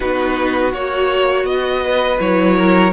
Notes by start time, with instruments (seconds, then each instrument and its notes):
0.00 cello B3, viola D#4, violin F#4 B4
0.72 cello A#3, viola F#4, violin C#5
1.44 cello B3, violin D#5
1.84 violin B4
2.18 cello F#3, viola E4, violin C#5
2.57 violin A#4